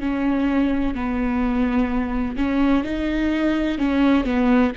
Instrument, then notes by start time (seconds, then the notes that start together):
viola
0.00 C#4
0.95 B3
2.37 C#4
2.84 D#4
3.78 C#4
4.25 B3